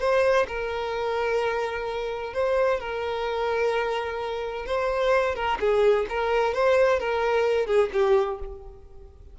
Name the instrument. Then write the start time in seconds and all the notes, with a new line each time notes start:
violin
0.00 C5
0.48 A#4
2.34 C5
2.80 A#4
4.66 C5
5.35 A#4
5.60 G#4
6.09 A#4
6.54 C5
7.00 A#4
7.67 G#4
7.93 G4